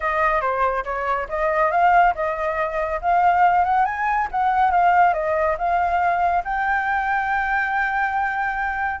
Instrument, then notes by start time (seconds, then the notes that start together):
flute
0.00 D#5
0.41 C5
0.84 C#5
1.29 D#5
1.71 F5
2.14 D#5
3.01 F5
3.64 F#5
3.85 G#5
4.31 F#5
4.71 F5
5.13 D#5
5.58 F5
6.44 G5